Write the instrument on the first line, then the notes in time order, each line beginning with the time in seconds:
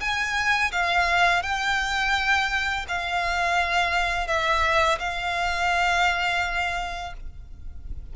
violin
0.00 G#5
0.71 F5
1.43 G5
2.88 F5
4.27 E5
4.99 F5